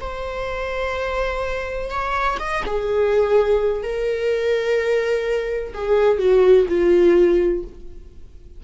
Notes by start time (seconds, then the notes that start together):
0.00 C5
1.90 C#5
2.39 D#5
2.66 G#4
3.83 A#4
5.74 G#4
6.18 F#4
6.68 F4